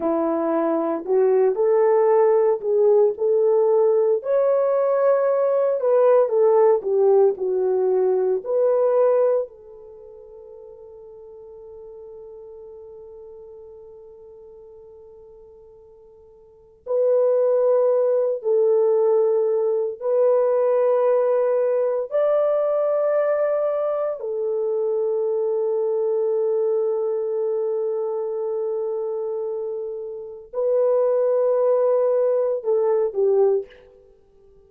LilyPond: \new Staff \with { instrumentName = "horn" } { \time 4/4 \tempo 4 = 57 e'4 fis'8 a'4 gis'8 a'4 | cis''4. b'8 a'8 g'8 fis'4 | b'4 a'2.~ | a'1 |
b'4. a'4. b'4~ | b'4 d''2 a'4~ | a'1~ | a'4 b'2 a'8 g'8 | }